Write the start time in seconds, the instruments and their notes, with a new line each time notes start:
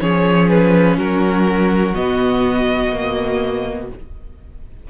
0.00 cello F3, viola C#4, violin G#4 C#5
0.49 violin B4
0.98 cello F#3, violin F#4 A#4
1.94 cello B2, viola B3, violin D#5
2.92 viola A#3